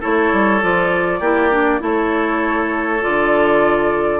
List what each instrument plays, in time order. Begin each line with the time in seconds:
0.00 bassoon A3, clarinet E4, oboe A4, flute C#5
0.32 bassoon G3
0.61 bassoon F3, clarinet F4, flute D5
1.19 bassoon A#3, clarinet E4, oboe G4
1.51 clarinet D4
1.79 bassoon A3, clarinet E4, oboe A4, flute C#5
3.01 bassoon D3, clarinet F4, flute D5